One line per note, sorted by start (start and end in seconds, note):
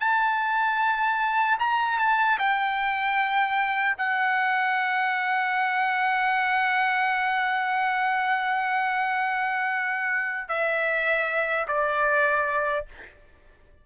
0.00 1.58 A5
1.59 1.99 A#5
1.99 2.38 A5
2.39 3.97 G5
3.98 10.48 F#5
10.48 11.67 E5
11.68 12.86 D5